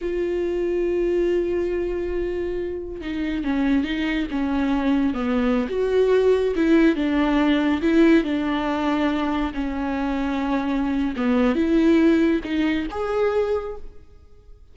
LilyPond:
\new Staff \with { instrumentName = "viola" } { \time 4/4 \tempo 4 = 140 f'1~ | f'2. dis'4 | cis'4 dis'4 cis'2 | b4~ b16 fis'2 e'8.~ |
e'16 d'2 e'4 d'8.~ | d'2~ d'16 cis'4.~ cis'16~ | cis'2 b4 e'4~ | e'4 dis'4 gis'2 | }